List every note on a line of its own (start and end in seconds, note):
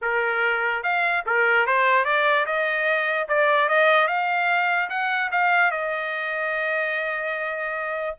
0.01 0.83 A#4
0.83 1.24 F5
1.25 1.66 A#4
1.66 2.04 C5
2.04 2.45 D5
2.45 3.27 D#5
3.28 3.68 D5
3.68 4.07 D#5
4.07 4.89 F5
4.89 5.30 F#5
5.31 5.71 F5
5.71 8.16 D#5